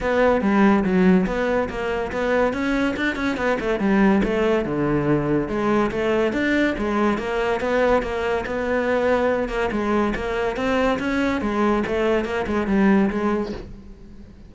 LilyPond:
\new Staff \with { instrumentName = "cello" } { \time 4/4 \tempo 4 = 142 b4 g4 fis4 b4 | ais4 b4 cis'4 d'8 cis'8 | b8 a8 g4 a4 d4~ | d4 gis4 a4 d'4 |
gis4 ais4 b4 ais4 | b2~ b8 ais8 gis4 | ais4 c'4 cis'4 gis4 | a4 ais8 gis8 g4 gis4 | }